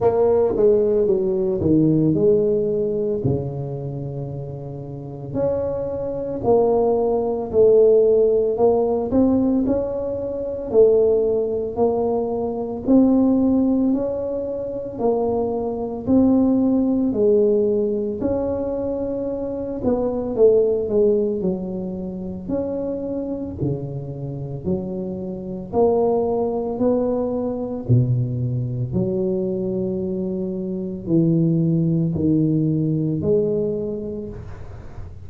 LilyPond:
\new Staff \with { instrumentName = "tuba" } { \time 4/4 \tempo 4 = 56 ais8 gis8 fis8 dis8 gis4 cis4~ | cis4 cis'4 ais4 a4 | ais8 c'8 cis'4 a4 ais4 | c'4 cis'4 ais4 c'4 |
gis4 cis'4. b8 a8 gis8 | fis4 cis'4 cis4 fis4 | ais4 b4 b,4 fis4~ | fis4 e4 dis4 gis4 | }